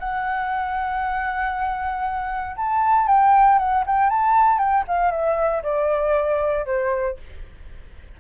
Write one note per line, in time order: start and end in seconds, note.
0.00 2.56 F#5
2.57 3.08 A5
3.08 3.59 G5
3.59 3.84 F#5
3.87 4.10 G5
4.10 4.59 A5
4.59 4.85 G5
4.88 5.11 F5
5.11 5.63 E5
5.63 6.66 D5
6.66 7.17 C5